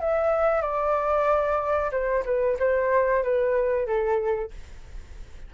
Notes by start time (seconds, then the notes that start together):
0.00 E5
0.62 D5
1.91 C5
2.25 B4
2.59 C5
3.23 B4
3.86 A4